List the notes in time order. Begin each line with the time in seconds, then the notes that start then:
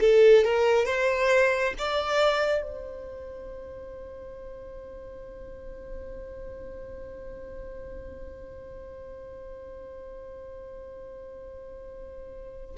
0.00 A4
0.44 A#4
0.85 C5
1.78 D5
2.61 C5